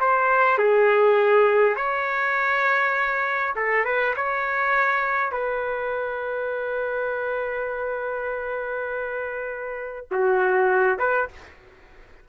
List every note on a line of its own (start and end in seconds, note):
0.00 0.58 C5
0.58 1.76 G#4
1.76 3.54 C#5
3.55 3.85 A4
3.85 4.14 B4
4.16 5.31 C#5
5.31 10.07 B4
10.11 10.98 F#4
10.98 11.28 B4